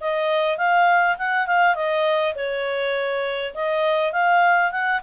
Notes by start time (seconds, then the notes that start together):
0.00 D#5
0.57 F5
1.17 F#5
1.47 F5
1.75 D#5
2.35 C#5
3.54 D#5
4.12 F5
4.71 F#5